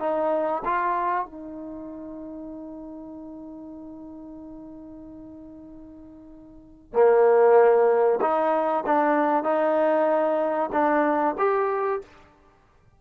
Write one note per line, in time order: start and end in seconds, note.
0.00 0.63 D#4
0.65 1.26 F4
1.26 6.94 D#4
6.94 8.20 A#3
8.22 8.85 D#4
8.87 9.44 D4
9.44 10.71 D#4
10.73 11.36 D4
11.39 12.02 G4